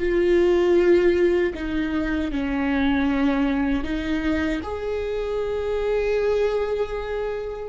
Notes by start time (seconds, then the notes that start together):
0.00 F4
1.55 D#4
2.32 C#4
3.84 D#4
4.63 G#4